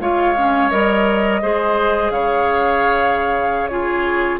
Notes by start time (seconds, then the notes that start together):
0.00 G#3 F4 C#5 F5
0.37 C#4
0.70 G3 A#4 D#5
1.42 G#3 G#4 C5
2.11 C#3 C#5 F5
3.67 F4 G#4 C#5